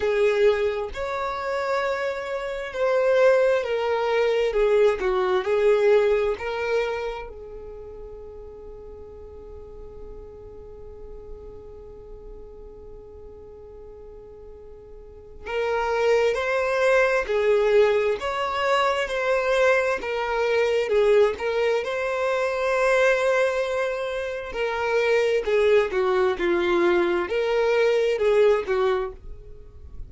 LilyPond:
\new Staff \with { instrumentName = "violin" } { \time 4/4 \tempo 4 = 66 gis'4 cis''2 c''4 | ais'4 gis'8 fis'8 gis'4 ais'4 | gis'1~ | gis'1~ |
gis'4 ais'4 c''4 gis'4 | cis''4 c''4 ais'4 gis'8 ais'8 | c''2. ais'4 | gis'8 fis'8 f'4 ais'4 gis'8 fis'8 | }